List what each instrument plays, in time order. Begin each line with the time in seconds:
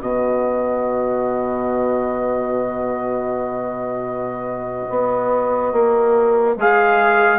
0.00 bassoon B2, trombone F#4, clarinet B4, trumpet D#5
4.89 bassoon B3
5.72 bassoon A#3
6.56 bassoon G#3, trombone G#4, trumpet F5